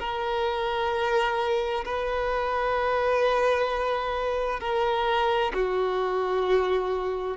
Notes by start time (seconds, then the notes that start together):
0.00 A#4
1.85 B4
4.60 A#4
5.54 F#4